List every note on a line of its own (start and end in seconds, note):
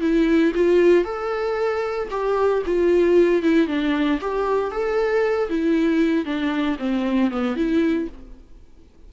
0.00 0.52 E4
0.55 1.04 F4
1.04 2.08 A4
2.10 2.62 G4
2.66 3.42 F4
3.42 3.67 E4
3.67 4.19 D4
4.21 4.71 G4
4.71 5.49 A4
5.49 6.25 E4
6.25 6.77 D4
6.78 7.30 C4
7.30 7.56 B3
7.56 8.08 E4